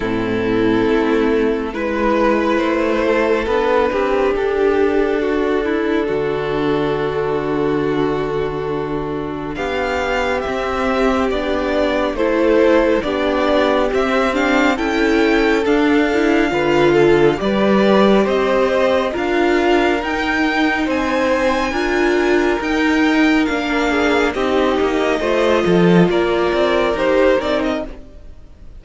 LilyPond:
<<
  \new Staff \with { instrumentName = "violin" } { \time 4/4 \tempo 4 = 69 a'2 b'4 c''4 | b'4 a'2.~ | a'2. f''4 | e''4 d''4 c''4 d''4 |
e''8 f''8 g''4 f''2 | d''4 dis''4 f''4 g''4 | gis''2 g''4 f''4 | dis''2 d''4 c''8 d''16 dis''16 | }
  \new Staff \with { instrumentName = "violin" } { \time 4/4 e'2 b'4. a'8~ | a'8 g'4. fis'8 e'8 fis'4~ | fis'2. g'4~ | g'2 a'4 g'4~ |
g'4 a'2 b'8 a'8 | b'4 c''4 ais'2 | c''4 ais'2~ ais'8 gis'8 | g'4 c''8 a'8 ais'2 | }
  \new Staff \with { instrumentName = "viola" } { \time 4/4 c'2 e'2 | d'1~ | d'1 | c'4 d'4 e'4 d'4 |
c'8 d'8 e'4 d'8 e'8 f'4 | g'2 f'4 dis'4~ | dis'4 f'4 dis'4 d'4 | dis'4 f'2 g'8 dis'8 | }
  \new Staff \with { instrumentName = "cello" } { \time 4/4 a,4 a4 gis4 a4 | b8 c'8 d'2 d4~ | d2. b4 | c'4 b4 a4 b4 |
c'4 cis'4 d'4 d4 | g4 c'4 d'4 dis'4 | c'4 d'4 dis'4 ais4 | c'8 ais8 a8 f8 ais8 c'8 dis'8 c'8 | }
>>